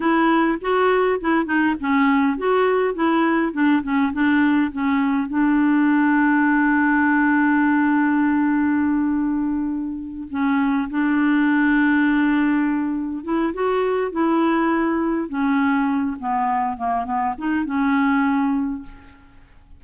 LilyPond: \new Staff \with { instrumentName = "clarinet" } { \time 4/4 \tempo 4 = 102 e'4 fis'4 e'8 dis'8 cis'4 | fis'4 e'4 d'8 cis'8 d'4 | cis'4 d'2.~ | d'1~ |
d'4. cis'4 d'4.~ | d'2~ d'8 e'8 fis'4 | e'2 cis'4. b8~ | b8 ais8 b8 dis'8 cis'2 | }